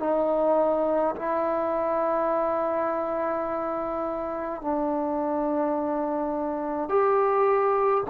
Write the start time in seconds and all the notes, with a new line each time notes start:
0.00 D#4
1.16 E4
4.62 D4
6.89 G4